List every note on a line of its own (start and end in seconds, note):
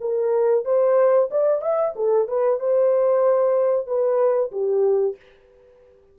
0.00 0.65 A#4
0.65 1.29 C5
1.31 1.61 D5
1.61 1.94 E5
1.96 2.28 A4
2.28 2.60 B4
2.60 3.87 C5
3.87 4.51 B4
4.51 5.16 G4